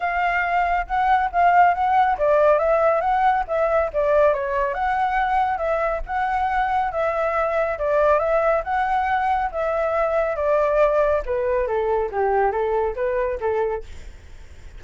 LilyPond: \new Staff \with { instrumentName = "flute" } { \time 4/4 \tempo 4 = 139 f''2 fis''4 f''4 | fis''4 d''4 e''4 fis''4 | e''4 d''4 cis''4 fis''4~ | fis''4 e''4 fis''2 |
e''2 d''4 e''4 | fis''2 e''2 | d''2 b'4 a'4 | g'4 a'4 b'4 a'4 | }